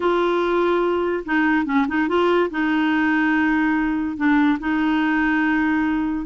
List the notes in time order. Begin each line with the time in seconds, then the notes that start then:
0.00 F4
1.25 D#4
1.65 C#4
1.88 D#4
2.08 F4
2.50 D#4
4.16 D4
4.59 D#4